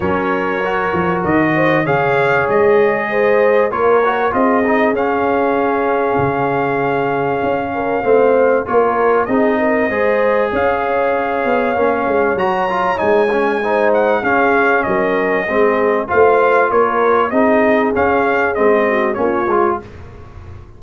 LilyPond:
<<
  \new Staff \with { instrumentName = "trumpet" } { \time 4/4 \tempo 4 = 97 cis''2 dis''4 f''4 | dis''2 cis''4 dis''4 | f''1~ | f''2 cis''4 dis''4~ |
dis''4 f''2. | ais''4 gis''4. fis''8 f''4 | dis''2 f''4 cis''4 | dis''4 f''4 dis''4 cis''4 | }
  \new Staff \with { instrumentName = "horn" } { \time 4/4 ais'2~ ais'8 c''8 cis''4~ | cis''4 c''4 ais'4 gis'4~ | gis'1~ | gis'8 ais'8 c''4 ais'4 gis'8 ais'8 |
c''4 cis''2.~ | cis''2 c''4 gis'4 | ais'4 gis'4 c''4 ais'4 | gis'2~ gis'8 fis'8 f'4 | }
  \new Staff \with { instrumentName = "trombone" } { \time 4/4 cis'4 fis'2 gis'4~ | gis'2 f'8 fis'8 f'8 dis'8 | cis'1~ | cis'4 c'4 f'4 dis'4 |
gis'2. cis'4 | fis'8 f'8 dis'8 cis'8 dis'4 cis'4~ | cis'4 c'4 f'2 | dis'4 cis'4 c'4 cis'8 f'8 | }
  \new Staff \with { instrumentName = "tuba" } { \time 4/4 fis4. f8 dis4 cis4 | gis2 ais4 c'4 | cis'2 cis2 | cis'4 a4 ais4 c'4 |
gis4 cis'4. b8 ais8 gis8 | fis4 gis2 cis'4 | fis4 gis4 a4 ais4 | c'4 cis'4 gis4 ais8 gis8 | }
>>